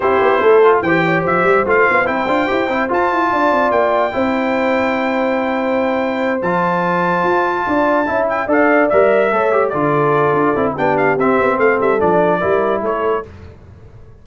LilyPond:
<<
  \new Staff \with { instrumentName = "trumpet" } { \time 4/4 \tempo 4 = 145 c''2 g''4 e''4 | f''4 g''2 a''4~ | a''4 g''2.~ | g''2.~ g''8 a''8~ |
a''1 | g''8 f''4 e''2 d''8~ | d''2 g''8 f''8 e''4 | f''8 e''8 d''2 cis''4 | }
  \new Staff \with { instrumentName = "horn" } { \time 4/4 g'4 a'4 c''8 cis''8 c''4~ | c''1 | d''2 c''2~ | c''1~ |
c''2~ c''8 d''4 e''8~ | e''8 d''2 cis''4 a'8~ | a'2 g'2 | a'2 ais'4 a'4 | }
  \new Staff \with { instrumentName = "trombone" } { \time 4/4 e'4. f'8 g'2 | f'4 e'8 f'8 g'8 e'8 f'4~ | f'2 e'2~ | e'2.~ e'8 f'8~ |
f'2.~ f'8 e'8~ | e'8 a'4 ais'4 a'8 g'8 f'8~ | f'4. e'8 d'4 c'4~ | c'4 d'4 e'2 | }
  \new Staff \with { instrumentName = "tuba" } { \time 4/4 c'8 b8 a4 e4 f8 g8 | a8 b8 c'8 d'8 e'8 c'8 f'8 e'8 | d'8 c'8 ais4 c'2~ | c'2.~ c'8 f8~ |
f4. f'4 d'4 cis'8~ | cis'8 d'4 g4 a4 d8~ | d4 d'8 c'8 b4 c'8 b8 | a8 g8 f4 g4 a4 | }
>>